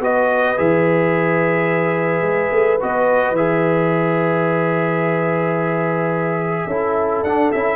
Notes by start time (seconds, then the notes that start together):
0.00 B3 F#4 B4 D#5
0.57 E3 G#4 E5
2.22 G#3
2.52 A3
2.80 B3 F#4 D#5
3.31 E3 G#4 E5
6.67 C#4 E4 A4
7.23 D4 F#5
7.52 C#4 E4 E5